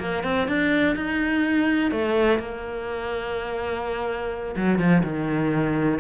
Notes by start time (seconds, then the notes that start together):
0.00 A#3
0.24 C4
0.48 D4
0.96 D#4
1.92 A3
2.39 A#3
4.56 F#3
4.79 F3
5.04 D#3